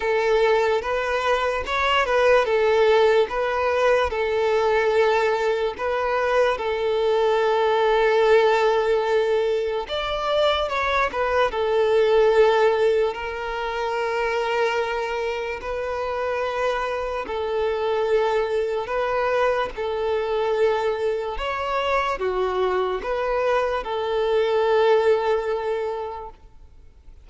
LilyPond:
\new Staff \with { instrumentName = "violin" } { \time 4/4 \tempo 4 = 73 a'4 b'4 cis''8 b'8 a'4 | b'4 a'2 b'4 | a'1 | d''4 cis''8 b'8 a'2 |
ais'2. b'4~ | b'4 a'2 b'4 | a'2 cis''4 fis'4 | b'4 a'2. | }